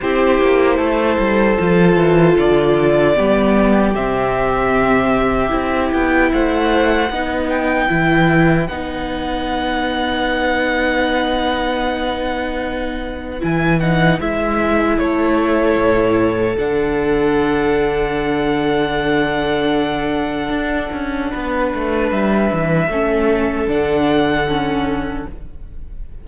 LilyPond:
<<
  \new Staff \with { instrumentName = "violin" } { \time 4/4 \tempo 4 = 76 c''2. d''4~ | d''4 e''2~ e''8 g''8 | fis''4. g''4. fis''4~ | fis''1~ |
fis''4 gis''8 fis''8 e''4 cis''4~ | cis''4 fis''2.~ | fis''1 | e''2 fis''2 | }
  \new Staff \with { instrumentName = "violin" } { \time 4/4 g'4 a'2. | g'1 | c''4 b'2.~ | b'1~ |
b'2. a'4~ | a'1~ | a'2. b'4~ | b'4 a'2. | }
  \new Staff \with { instrumentName = "viola" } { \time 4/4 e'2 f'2 | b4 c'2 e'4~ | e'4 dis'4 e'4 dis'4~ | dis'1~ |
dis'4 e'8 dis'8 e'2~ | e'4 d'2.~ | d'1~ | d'4 cis'4 d'4 cis'4 | }
  \new Staff \with { instrumentName = "cello" } { \time 4/4 c'8 ais8 a8 g8 f8 e8 d4 | g4 c2 c'8 b8 | a4 b4 e4 b4~ | b1~ |
b4 e4 gis4 a4 | a,4 d2.~ | d2 d'8 cis'8 b8 a8 | g8 e8 a4 d2 | }
>>